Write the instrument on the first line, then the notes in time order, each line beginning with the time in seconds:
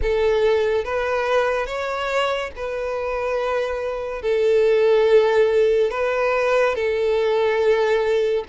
violin
0.02 A4
0.84 B4
1.66 C#5
2.55 B4
4.22 A4
5.90 B4
6.75 A4